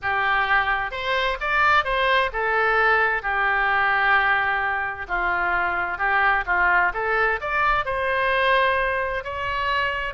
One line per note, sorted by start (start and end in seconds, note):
0.02 0.91 G4
0.91 1.37 C5
1.40 1.84 D5
1.84 2.30 C5
2.33 3.22 A4
3.22 5.06 G4
5.08 5.98 F4
5.98 6.44 G4
6.46 6.92 F4
6.93 7.40 A4
7.40 7.85 D5
7.85 9.23 C5
9.24 10.14 C#5